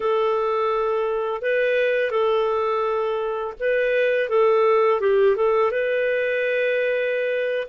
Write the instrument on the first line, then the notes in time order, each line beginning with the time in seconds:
clarinet
0.00 A4
1.41 B4
2.11 A4
3.59 B4
4.29 A4
5.00 G4
5.36 A4
5.71 B4